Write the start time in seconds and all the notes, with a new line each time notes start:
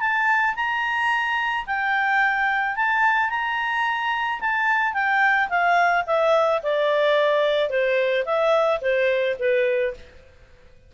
0.00 A5
0.56 A#5
1.67 G5
2.76 A5
3.30 A#5
4.40 A5
4.94 G5
5.49 F5
6.07 E5
6.63 D5
7.70 C5
8.25 E5
8.81 C5
9.39 B4